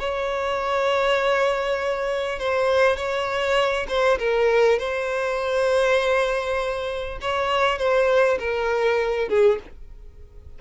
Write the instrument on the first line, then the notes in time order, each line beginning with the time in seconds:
violin
0.00 C#5
2.40 C5
2.97 C#5
3.89 C5
4.19 A#4
4.79 C5
7.22 C#5
7.79 C5
8.40 A#4
9.29 G#4